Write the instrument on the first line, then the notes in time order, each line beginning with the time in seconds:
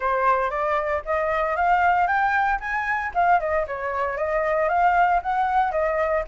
flute
0.00 C5
0.50 D5
1.05 D#5
1.55 F5
2.07 G5
2.59 G#5
3.14 F5
3.40 D#5
3.67 C#5
4.17 D#5
4.69 F5
5.22 F#5
5.71 D#5